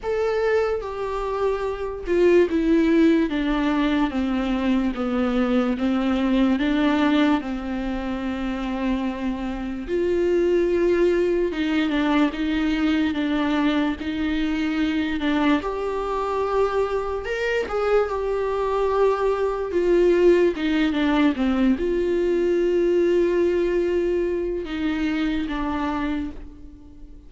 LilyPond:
\new Staff \with { instrumentName = "viola" } { \time 4/4 \tempo 4 = 73 a'4 g'4. f'8 e'4 | d'4 c'4 b4 c'4 | d'4 c'2. | f'2 dis'8 d'8 dis'4 |
d'4 dis'4. d'8 g'4~ | g'4 ais'8 gis'8 g'2 | f'4 dis'8 d'8 c'8 f'4.~ | f'2 dis'4 d'4 | }